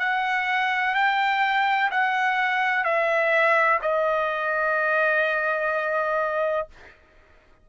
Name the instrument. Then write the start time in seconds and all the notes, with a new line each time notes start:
trumpet
0.00 F#5
0.95 G5
1.91 F#5
2.85 E5
3.82 D#5